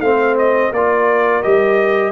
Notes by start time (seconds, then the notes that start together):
0.00 A3 C4 C5 F5
0.38 D#5
0.72 A#3 F4 A#4 D5
1.42 G3 G4 D#5